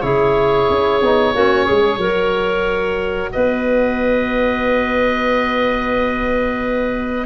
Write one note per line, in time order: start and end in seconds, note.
0.00 0.68 C#3
0.00 1.01 E4
0.00 1.34 G#4
0.00 3.30 C#5
0.69 1.01 C#4
1.01 1.34 B3
1.01 1.35 D#4
1.34 1.68 A#3
1.34 2.01 C#4
1.34 1.65 F#4
1.65 1.97 G#3
1.65 1.98 G#4
1.97 3.29 F#3
1.97 7.25 F#4
1.97 3.31 A#4
3.32 7.25 B3
3.32 7.25 B4
3.32 7.25 D#5